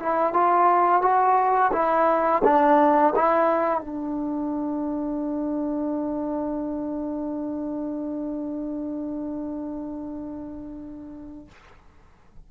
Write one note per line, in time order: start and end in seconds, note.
0.00 0.34 E4
0.34 1.02 F4
1.02 1.72 F#4
1.73 2.43 E4
2.45 3.14 D4
3.16 3.81 E4
3.81 11.48 D4